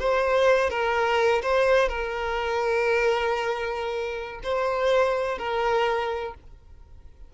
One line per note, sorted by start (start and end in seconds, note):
0.00 0.70 C5
0.70 1.42 A#4
1.43 1.89 C5
1.89 4.41 A#4
4.44 5.39 C5
5.39 6.35 A#4